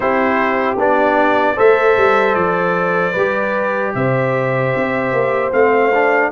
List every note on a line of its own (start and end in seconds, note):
0.00 0.76 C4
0.00 0.77 E4
0.00 1.55 G4
0.00 0.77 C5
0.76 1.55 B3
0.76 1.55 D4
0.76 1.59 D5
1.55 1.96 A3
1.55 3.13 A4
1.55 3.12 C5
1.55 2.34 E5
1.96 2.35 G3
2.34 3.14 F3
2.34 3.92 D5
3.12 3.94 G3
3.12 5.52 G4
3.12 3.91 B4
3.94 4.73 C3
3.94 6.31 C5
3.94 5.52 E5
4.75 5.12 C4
5.12 5.51 A#3
5.52 6.31 A3
5.52 5.91 C4
5.52 6.31 F5
5.93 6.31 D4